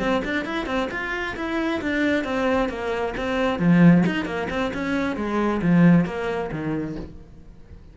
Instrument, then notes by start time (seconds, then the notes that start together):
cello
0.00 C4
0.25 D4
0.45 E4
0.67 C4
0.91 F4
1.37 E4
1.82 D4
2.24 C4
2.69 A#3
3.17 C4
3.59 F3
4.07 D#4
4.26 A#3
4.50 C4
4.74 C#4
5.17 G#3
5.62 F3
6.06 A#3
6.52 D#3